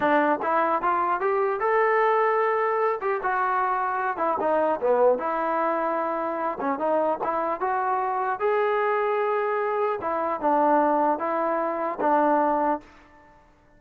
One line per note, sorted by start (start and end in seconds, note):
0.00 0.39 D4
0.42 0.81 E4
0.81 1.20 F4
1.20 1.60 G4
1.60 3.00 A4
3.01 3.21 G4
3.23 4.17 F#4
4.17 4.37 E4
4.39 4.79 D#4
4.81 5.18 B3
5.18 6.58 E4
6.60 6.79 C#4
6.79 7.19 D#4
7.23 7.60 E4
7.60 8.39 F#4
8.39 9.99 G#4
10.01 10.40 E4
10.40 11.19 D4
11.19 11.99 E4
12.00 12.80 D4